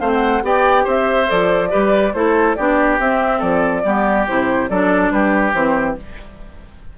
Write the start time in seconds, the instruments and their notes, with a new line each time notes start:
0.00 bassoon A3, clarinet C4, oboe C5, flute F5
0.13 flute F#5
0.42 bassoon B3, clarinet G4, oboe D5, flute G5
0.84 bassoon C4, oboe C5, flute E5
1.27 bassoon F3, clarinet A4, flute D5
1.70 bassoon G3, clarinet G4, oboe B4
2.13 bassoon A3, clarinet E4, oboe A4, flute C5
2.55 bassoon B3, clarinet D4, oboe G4, flute D5
2.99 bassoon C4, clarinet C4, flute E5
3.39 bassoon F3, oboe A4, flute D5
3.84 bassoon G3, clarinet B3, oboe G4
4.27 bassoon C3, clarinet E4, flute C5
4.69 bassoon F#3, clarinet D4, oboe A4, flute D5
5.11 bassoon G3, oboe G4, flute B4
5.53 bassoon E3, clarinet C4, flute C5